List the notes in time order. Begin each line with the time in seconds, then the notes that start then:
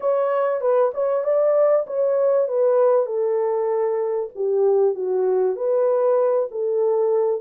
0.00 C#5
0.60 B4
0.93 C#5
1.23 D5
1.86 C#5
2.47 B4
3.05 A4
4.35 G4
4.95 F#4
5.56 B4
6.51 A4